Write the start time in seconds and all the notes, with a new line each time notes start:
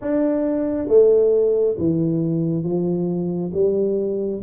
0.01 D4
0.87 A3
1.78 E3
2.63 F3
3.53 G3